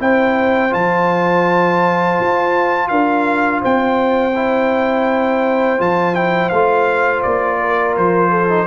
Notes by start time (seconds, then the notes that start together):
0.00 C4 E4 C5 G5
0.71 F3 F4 A5
2.20 F4
2.89 D4 A#4 F5
3.62 C4 C5 G5
4.36 E4
5.79 F3 F4 A5
6.15 E4 G5
6.50 A3 F4 F5
7.23 A#3 D5
7.61 A#4
7.97 F3 C5
8.31 A4
8.49 D#4